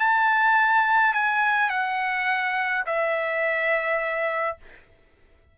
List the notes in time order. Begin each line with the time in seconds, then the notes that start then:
0.00 A5
1.14 G#5
1.70 F#5
2.86 E5